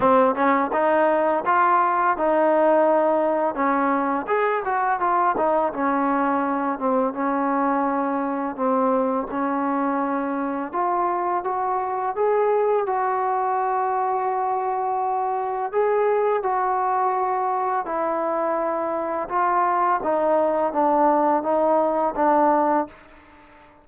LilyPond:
\new Staff \with { instrumentName = "trombone" } { \time 4/4 \tempo 4 = 84 c'8 cis'8 dis'4 f'4 dis'4~ | dis'4 cis'4 gis'8 fis'8 f'8 dis'8 | cis'4. c'8 cis'2 | c'4 cis'2 f'4 |
fis'4 gis'4 fis'2~ | fis'2 gis'4 fis'4~ | fis'4 e'2 f'4 | dis'4 d'4 dis'4 d'4 | }